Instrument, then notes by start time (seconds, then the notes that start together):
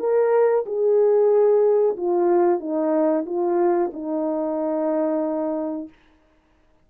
horn
0.00 A#4
0.66 G#4
1.97 F4
2.61 D#4
3.26 F4
3.94 D#4